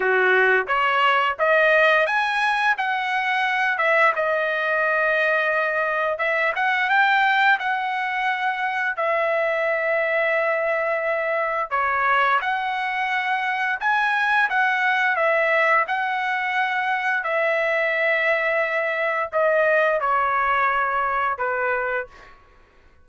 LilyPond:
\new Staff \with { instrumentName = "trumpet" } { \time 4/4 \tempo 4 = 87 fis'4 cis''4 dis''4 gis''4 | fis''4. e''8 dis''2~ | dis''4 e''8 fis''8 g''4 fis''4~ | fis''4 e''2.~ |
e''4 cis''4 fis''2 | gis''4 fis''4 e''4 fis''4~ | fis''4 e''2. | dis''4 cis''2 b'4 | }